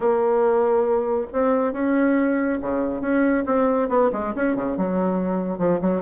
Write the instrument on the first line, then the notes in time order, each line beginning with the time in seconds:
bassoon
0.00 A#3
1.32 C4
1.72 C#4
2.61 C#3
3.01 C#4
3.46 C4
3.88 B3
4.12 G#3
4.35 C#4
4.55 C#3
4.77 F#3
5.58 F3
5.81 F#3